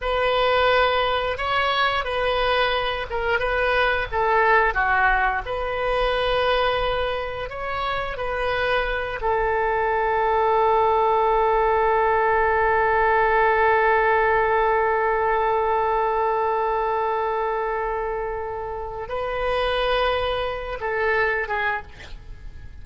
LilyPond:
\new Staff \with { instrumentName = "oboe" } { \time 4/4 \tempo 4 = 88 b'2 cis''4 b'4~ | b'8 ais'8 b'4 a'4 fis'4 | b'2. cis''4 | b'4. a'2~ a'8~ |
a'1~ | a'1~ | a'1 | b'2~ b'8 a'4 gis'8 | }